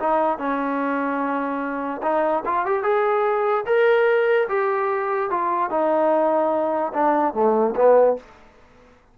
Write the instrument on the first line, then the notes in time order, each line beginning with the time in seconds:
trombone
0.00 D#4
0.38 C#4
2.03 D#4
2.45 F4
2.66 G4
2.83 G#4
3.66 A#4
4.49 G4
5.30 F4
5.70 D#4
6.94 D4
7.34 A3
7.76 B3